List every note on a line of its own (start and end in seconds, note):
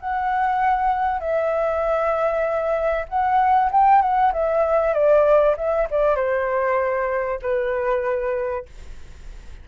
0.00 1.20 F#5
1.20 3.05 E5
3.09 3.71 F#5
3.71 4.01 G5
4.01 4.32 F#5
4.33 4.94 E5
4.94 5.56 D5
5.57 5.88 E5
5.90 6.16 D5
6.16 7.39 C5
7.42 8.65 B4